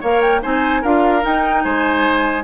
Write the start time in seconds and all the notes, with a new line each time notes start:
0.00 A#3 A#4 C#5 F5
0.21 G5
0.42 C4 D#4 C5 G#5
0.82 D4 F4 A#4 F5
1.21 D#4 G5
1.64 G#3 C5 G#5